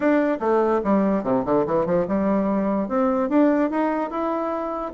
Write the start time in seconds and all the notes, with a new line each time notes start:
0.00 D4
0.40 A3
0.84 G3
1.23 C3
1.45 D3
1.66 E3
1.86 F3
2.07 G3
2.88 C4
3.29 D4
3.70 D#4
4.10 E4